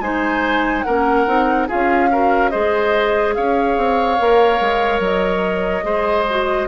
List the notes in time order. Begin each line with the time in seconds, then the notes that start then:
0.00 G#3 D#4 C5 G#5
0.82 A#3 C#4 A#4 F#5
1.26 C4 D#4
1.67 C#4 F4 G#4 F5
2.12 F#4 A#4
2.50 G#3 G#4 C5 D#5
3.34 C#4 C#5 F5
3.77 C4
4.18 A#3 A#4
4.60 G#3
4.99 F#3 D#5
5.82 G#3 G#4 C5
6.30 F#4